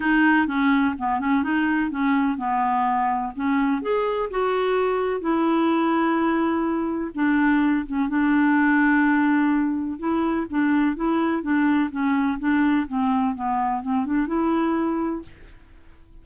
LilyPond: \new Staff \with { instrumentName = "clarinet" } { \time 4/4 \tempo 4 = 126 dis'4 cis'4 b8 cis'8 dis'4 | cis'4 b2 cis'4 | gis'4 fis'2 e'4~ | e'2. d'4~ |
d'8 cis'8 d'2.~ | d'4 e'4 d'4 e'4 | d'4 cis'4 d'4 c'4 | b4 c'8 d'8 e'2 | }